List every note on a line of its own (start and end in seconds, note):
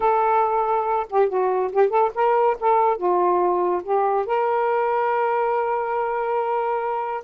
0.00 1.07 A4
1.09 1.28 G4
1.28 1.71 F#4
1.72 1.89 G4
1.89 2.11 A4
2.14 2.57 A#4
2.60 2.97 A4
2.97 3.82 F4
3.83 4.26 G4
4.26 7.24 A#4